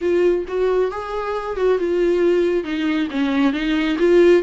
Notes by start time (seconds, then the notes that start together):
0.01 F4
0.48 F#4
0.91 G#4
1.56 F#4
1.78 F4
2.64 D#4
3.10 C#4
3.52 D#4
3.98 F4